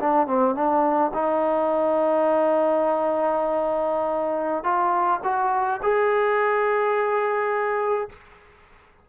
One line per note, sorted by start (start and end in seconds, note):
0.00 0.27 D4
0.27 0.55 C4
0.55 1.12 D4
1.14 4.64 D#4
4.64 5.20 F4
5.24 5.80 F#4
5.83 8.09 G#4